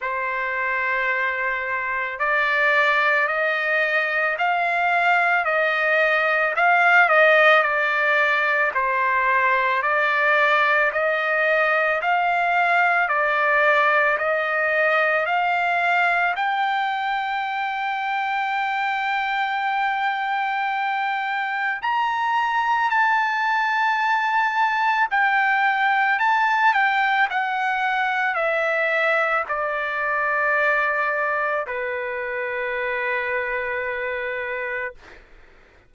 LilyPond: \new Staff \with { instrumentName = "trumpet" } { \time 4/4 \tempo 4 = 55 c''2 d''4 dis''4 | f''4 dis''4 f''8 dis''8 d''4 | c''4 d''4 dis''4 f''4 | d''4 dis''4 f''4 g''4~ |
g''1 | ais''4 a''2 g''4 | a''8 g''8 fis''4 e''4 d''4~ | d''4 b'2. | }